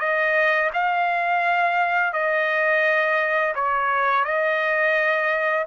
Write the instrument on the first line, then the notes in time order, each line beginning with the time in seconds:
trumpet
0.00 D#5
0.73 F5
2.13 D#5
3.55 C#5
4.25 D#5